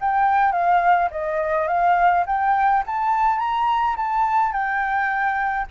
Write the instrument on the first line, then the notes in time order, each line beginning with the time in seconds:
flute
0.00 G5
0.52 F5
1.11 D#5
1.68 F5
2.26 G5
2.86 A5
3.38 A#5
3.96 A5
4.52 G5